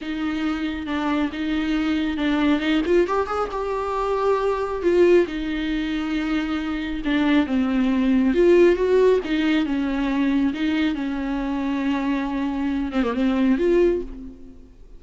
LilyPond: \new Staff \with { instrumentName = "viola" } { \time 4/4 \tempo 4 = 137 dis'2 d'4 dis'4~ | dis'4 d'4 dis'8 f'8 g'8 gis'8 | g'2. f'4 | dis'1 |
d'4 c'2 f'4 | fis'4 dis'4 cis'2 | dis'4 cis'2.~ | cis'4. c'16 ais16 c'4 f'4 | }